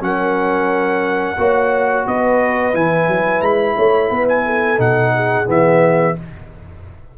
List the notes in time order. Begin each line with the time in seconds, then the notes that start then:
0.00 F#3 C#4 A#4 F#5
1.38 A#3 F#4 C#5
2.07 B3 B4 D#5
2.73 E3 E4 G#5
3.08 F#3
3.41 G#3 B5
3.76 A3 C#5
4.10 B3 B4
4.29 G#5
4.46 A4
4.77 B2 D#4 F#5
5.15 G#4
5.45 E3 B3 E5